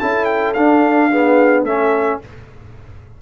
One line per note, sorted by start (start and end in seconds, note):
0.00 0.56 C#4
0.00 0.56 E4
0.00 1.10 A4
0.00 0.25 A5
0.25 0.53 G5
0.54 1.64 D4
0.54 1.12 D4
0.54 1.64 F5
1.11 1.67 B3
1.11 1.64 G#4
1.64 2.19 A3
1.64 2.22 C#4
1.64 2.19 A4
1.64 2.20 E5